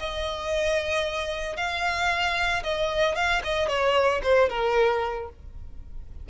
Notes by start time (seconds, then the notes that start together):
0.00 D#5
1.57 F5
2.64 D#5
3.16 F5
3.45 D#5
3.69 C#5
4.23 C5
4.50 A#4